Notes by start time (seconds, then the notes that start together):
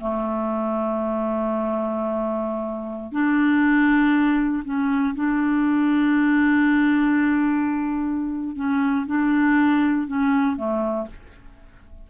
0.00 A3
3.12 D4
4.64 C#4
5.15 D4
8.56 C#4
9.06 D4
10.07 C#4
10.56 A3